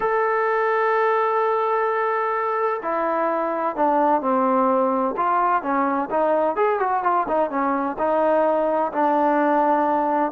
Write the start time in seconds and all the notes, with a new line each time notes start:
0.00 A4
2.82 E4
3.76 D4
4.21 C4
5.16 F4
5.62 C#4
6.10 D#4
6.56 G#4
6.79 F#4
7.03 F4
7.27 D#4
7.49 C#4
7.98 D#4
8.92 D4